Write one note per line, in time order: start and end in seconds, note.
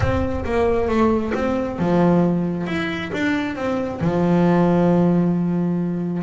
0.00 0.44 C4
0.44 0.88 A#3
0.88 1.33 A3
1.34 1.78 C4
1.78 2.66 F3
2.66 3.11 E4
3.13 3.55 D4
3.55 4.00 C4
4.00 6.22 F3